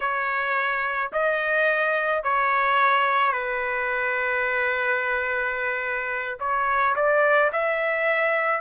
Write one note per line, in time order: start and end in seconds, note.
0.00 1.11 C#5
1.12 2.23 D#5
2.23 3.32 C#5
3.32 6.38 B4
6.39 6.95 C#5
6.95 7.51 D5
7.52 8.61 E5